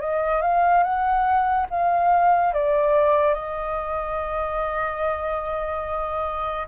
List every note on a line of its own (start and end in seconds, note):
0.00 0.41 D#5
0.41 0.83 F5
0.83 1.66 F#5
1.70 2.53 F5
2.53 3.33 D5
3.33 6.67 D#5